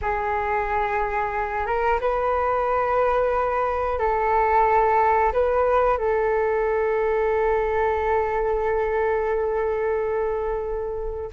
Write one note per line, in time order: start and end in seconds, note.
0.01 1.66 G#4
1.66 1.99 A#4
2.00 3.98 B4
3.98 5.32 A4
5.32 5.97 B4
5.97 11.31 A4